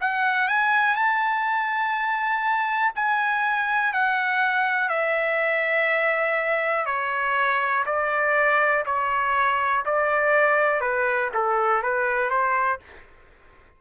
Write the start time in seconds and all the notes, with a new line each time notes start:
0.00 F#5
0.48 G#5
0.95 A5
2.95 G#5
3.93 F#5
4.89 E5
6.86 C#5
7.86 D5
8.86 C#5
9.85 D5
10.81 B4
11.33 A4
11.82 B4
12.30 C5